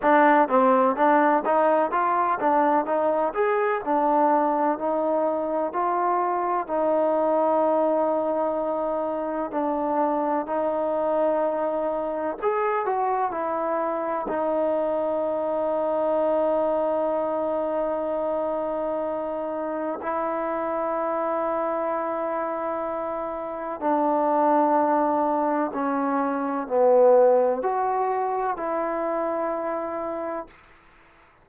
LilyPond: \new Staff \with { instrumentName = "trombone" } { \time 4/4 \tempo 4 = 63 d'8 c'8 d'8 dis'8 f'8 d'8 dis'8 gis'8 | d'4 dis'4 f'4 dis'4~ | dis'2 d'4 dis'4~ | dis'4 gis'8 fis'8 e'4 dis'4~ |
dis'1~ | dis'4 e'2.~ | e'4 d'2 cis'4 | b4 fis'4 e'2 | }